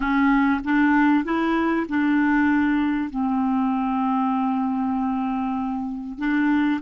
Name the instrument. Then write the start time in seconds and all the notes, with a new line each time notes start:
clarinet
0.00 C#4
0.64 D4
1.24 E4
1.88 D4
3.09 C4
6.18 D4